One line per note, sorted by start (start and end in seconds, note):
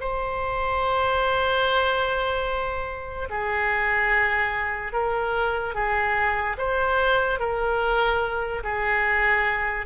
0.00 3.29 C5
3.30 4.93 G#4
4.93 5.75 A#4
5.75 6.57 G#4
6.58 7.40 C5
7.40 8.63 A#4
8.63 9.86 G#4